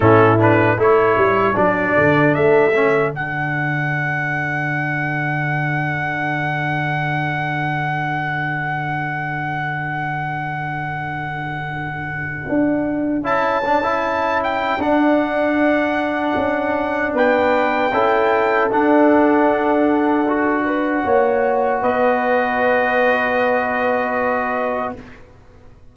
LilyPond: <<
  \new Staff \with { instrumentName = "trumpet" } { \time 4/4 \tempo 4 = 77 a'8 b'8 cis''4 d''4 e''4 | fis''1~ | fis''1~ | fis''1~ |
fis''4 a''4. g''8 fis''4~ | fis''2 g''2 | fis''1 | dis''1 | }
  \new Staff \with { instrumentName = "horn" } { \time 4/4 e'4 a'2.~ | a'1~ | a'1~ | a'1~ |
a'1~ | a'2 b'4 a'4~ | a'2~ a'8 b'8 cis''4 | b'1 | }
  \new Staff \with { instrumentName = "trombone" } { \time 4/4 cis'8 d'8 e'4 d'4. cis'8 | d'1~ | d'1~ | d'1~ |
d'4 e'8 d'16 e'4~ e'16 d'4~ | d'2. e'4 | d'2 fis'2~ | fis'1 | }
  \new Staff \with { instrumentName = "tuba" } { \time 4/4 a,4 a8 g8 fis8 d8 a4 | d1~ | d1~ | d1 |
d'4 cis'2 d'4~ | d'4 cis'4 b4 cis'4 | d'2. ais4 | b1 | }
>>